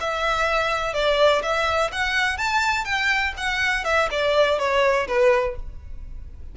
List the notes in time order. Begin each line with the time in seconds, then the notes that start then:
0.00 E5
0.94 D5
1.43 E5
1.92 F#5
2.38 A5
2.85 G5
3.37 F#5
3.85 E5
4.11 D5
4.59 C#5
5.08 B4